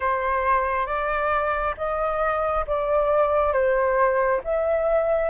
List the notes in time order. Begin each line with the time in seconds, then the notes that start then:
0.00 C5
0.86 D5
1.76 D#5
2.67 D5
3.52 C5
4.44 E5